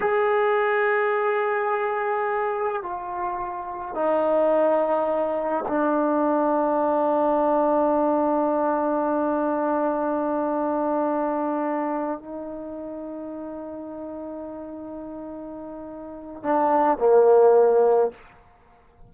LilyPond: \new Staff \with { instrumentName = "trombone" } { \time 4/4 \tempo 4 = 106 gis'1~ | gis'4 f'2 dis'4~ | dis'2 d'2~ | d'1~ |
d'1~ | d'4. dis'2~ dis'8~ | dis'1~ | dis'4 d'4 ais2 | }